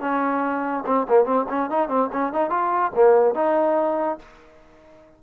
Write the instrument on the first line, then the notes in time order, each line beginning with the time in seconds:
trombone
0.00 C#4
0.86 C4
1.09 A#3
1.25 C4
1.49 C#4
1.70 D#4
1.88 C4
2.12 C#4
2.32 D#4
2.50 F4
2.94 A#3
3.35 D#4